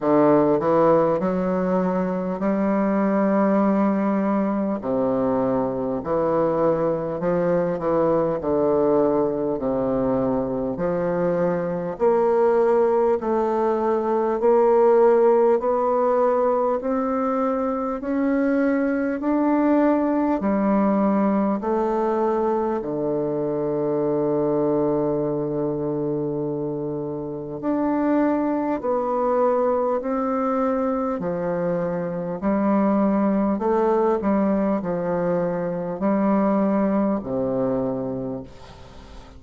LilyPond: \new Staff \with { instrumentName = "bassoon" } { \time 4/4 \tempo 4 = 50 d8 e8 fis4 g2 | c4 e4 f8 e8 d4 | c4 f4 ais4 a4 | ais4 b4 c'4 cis'4 |
d'4 g4 a4 d4~ | d2. d'4 | b4 c'4 f4 g4 | a8 g8 f4 g4 c4 | }